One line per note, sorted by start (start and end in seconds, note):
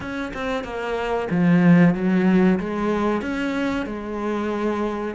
0.00 0.32 C#4
0.33 0.64 C4
0.64 1.28 A#3
1.30 1.94 F3
1.94 2.59 F#3
2.59 3.21 G#3
3.21 3.86 C#4
3.86 5.14 G#3